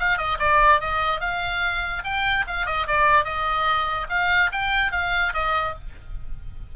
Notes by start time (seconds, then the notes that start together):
0.00 F5
0.18 D#5
0.40 D5
0.81 D#5
1.21 F5
2.04 G5
2.48 F5
2.67 D#5
2.88 D5
3.25 D#5
4.10 F5
4.53 G5
4.92 F5
5.34 D#5